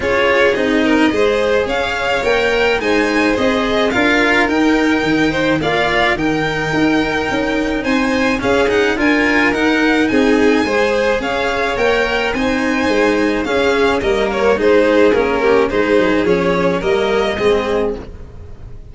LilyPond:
<<
  \new Staff \with { instrumentName = "violin" } { \time 4/4 \tempo 4 = 107 cis''4 dis''2 f''4 | g''4 gis''4 dis''4 f''4 | g''2 f''4 g''4~ | g''2 gis''4 f''8 fis''8 |
gis''4 fis''4 gis''2 | f''4 g''4 gis''2 | f''4 dis''8 cis''8 c''4 ais'4 | c''4 cis''4 dis''2 | }
  \new Staff \with { instrumentName = "violin" } { \time 4/4 gis'4. ais'8 c''4 cis''4~ | cis''4 c''2 ais'4~ | ais'4. c''8 d''4 ais'4~ | ais'2 c''4 gis'4 |
ais'2 gis'4 c''4 | cis''2 c''2 | gis'4 ais'4 gis'4. g'8 | gis'2 ais'4 gis'4 | }
  \new Staff \with { instrumentName = "cello" } { \time 4/4 f'4 dis'4 gis'2 | ais'4 dis'4 gis'4 f'4 | dis'2 f'4 dis'4~ | dis'2. cis'8 dis'8 |
f'4 dis'2 gis'4~ | gis'4 ais'4 dis'2 | cis'4 ais4 dis'4 cis'4 | dis'4 cis'4 ais4 c'4 | }
  \new Staff \with { instrumentName = "tuba" } { \time 4/4 cis'4 c'4 gis4 cis'4 | ais4 gis4 c'4 d'4 | dis'4 dis4 ais4 dis4 | dis'4 cis'4 c'4 cis'4 |
d'4 dis'4 c'4 gis4 | cis'4 ais4 c'4 gis4 | cis'4 g4 gis4 ais4 | gis8 fis8 f4 g4 gis4 | }
>>